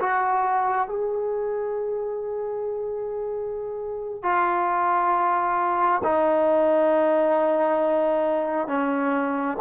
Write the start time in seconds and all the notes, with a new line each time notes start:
0.00 F#4
0.88 G#4
4.23 F4
6.04 D#4
8.68 C#4